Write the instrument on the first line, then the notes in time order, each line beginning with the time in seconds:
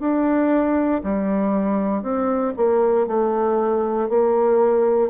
bassoon
0.00 D4
1.04 G3
2.02 C4
2.57 A#3
3.07 A3
4.09 A#3